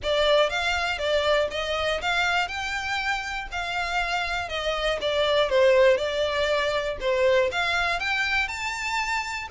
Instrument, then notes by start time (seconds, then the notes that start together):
violin
0.02 D5
0.49 F5
0.98 D5
1.50 D#5
2.01 F5
2.48 G5
3.51 F5
4.48 D#5
5.01 D5
5.49 C5
5.97 D5
7.00 C5
7.51 F5
7.99 G5
8.47 A5